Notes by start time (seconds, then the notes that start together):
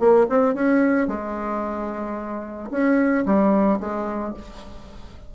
0.00 A#3
0.30 C4
0.55 C#4
1.08 G#3
2.71 C#4
3.26 G3
3.81 G#3